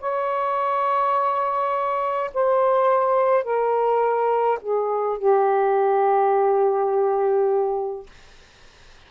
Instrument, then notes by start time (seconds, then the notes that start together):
saxophone
0.00 C#5
2.34 C5
3.44 A#4
4.62 G#4
5.18 G4